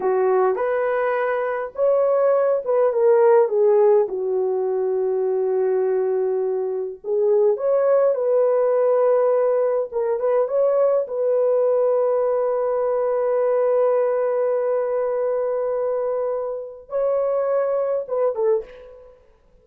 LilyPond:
\new Staff \with { instrumentName = "horn" } { \time 4/4 \tempo 4 = 103 fis'4 b'2 cis''4~ | cis''8 b'8 ais'4 gis'4 fis'4~ | fis'1 | gis'4 cis''4 b'2~ |
b'4 ais'8 b'8 cis''4 b'4~ | b'1~ | b'1~ | b'4 cis''2 b'8 a'8 | }